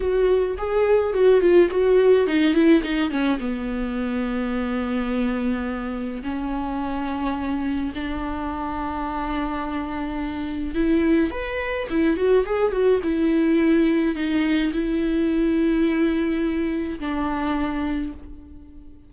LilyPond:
\new Staff \with { instrumentName = "viola" } { \time 4/4 \tempo 4 = 106 fis'4 gis'4 fis'8 f'8 fis'4 | dis'8 e'8 dis'8 cis'8 b2~ | b2. cis'4~ | cis'2 d'2~ |
d'2. e'4 | b'4 e'8 fis'8 gis'8 fis'8 e'4~ | e'4 dis'4 e'2~ | e'2 d'2 | }